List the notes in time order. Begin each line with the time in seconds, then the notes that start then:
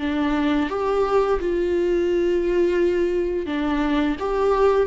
0.00 D4
0.70 G4
1.40 F4
3.46 D4
4.20 G4